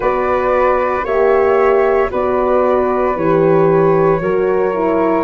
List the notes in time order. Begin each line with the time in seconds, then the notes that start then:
0.00 B3 F#4 B4 D5
1.03 A#3 G4 C#5 E5
2.10 B3 F#4 B4 D5
3.15 E3 G4 C#5
4.20 F#3 F#4 A#4
4.74 E4